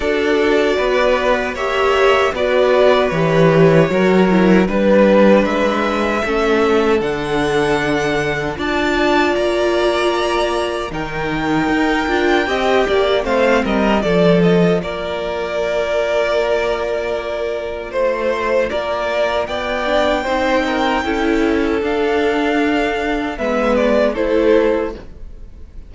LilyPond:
<<
  \new Staff \with { instrumentName = "violin" } { \time 4/4 \tempo 4 = 77 d''2 e''4 d''4 | cis''2 b'4 e''4~ | e''4 fis''2 a''4 | ais''2 g''2~ |
g''4 f''8 dis''8 d''8 dis''8 d''4~ | d''2. c''4 | d''4 g''2. | f''2 e''8 d''8 c''4 | }
  \new Staff \with { instrumentName = "violin" } { \time 4/4 a'4 b'4 cis''4 b'4~ | b'4 ais'4 b'2 | a'2. d''4~ | d''2 ais'2 |
dis''8 d''8 c''8 ais'8 a'4 ais'4~ | ais'2. c''4 | ais'4 d''4 c''8 ais'8 a'4~ | a'2 b'4 a'4 | }
  \new Staff \with { instrumentName = "viola" } { \time 4/4 fis'2 g'4 fis'4 | g'4 fis'8 e'8 d'2 | cis'4 d'2 f'4~ | f'2 dis'4. f'8 |
g'4 c'4 f'2~ | f'1~ | f'4. d'8 dis'4 e'4 | d'2 b4 e'4 | }
  \new Staff \with { instrumentName = "cello" } { \time 4/4 d'4 b4 ais4 b4 | e4 fis4 g4 gis4 | a4 d2 d'4 | ais2 dis4 dis'8 d'8 |
c'8 ais8 a8 g8 f4 ais4~ | ais2. a4 | ais4 b4 c'4 cis'4 | d'2 gis4 a4 | }
>>